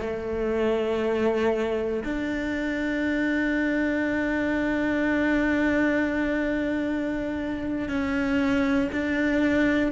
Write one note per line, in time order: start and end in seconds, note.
0.00 2.03 A3
2.04 7.89 D4
7.89 8.90 C#4
8.92 9.92 D4